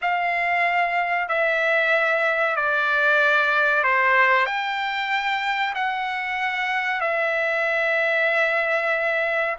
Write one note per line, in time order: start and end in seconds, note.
0.01 1.28 F5
1.28 2.56 E5
2.56 3.83 D5
3.83 4.45 C5
4.45 5.73 G5
5.74 7.01 F#5
7.01 9.56 E5